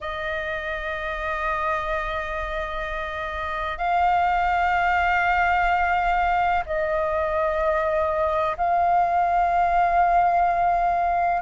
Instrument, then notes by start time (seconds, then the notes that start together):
flute
0.00 D#5
3.77 F5
6.66 D#5
8.57 F5